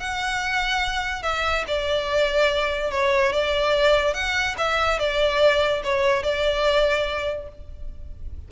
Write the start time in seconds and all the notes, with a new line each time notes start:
0.00 F#5
1.23 E5
1.68 D5
2.91 C#5
3.33 D5
4.14 F#5
4.58 E5
4.99 D5
5.84 C#5
6.23 D5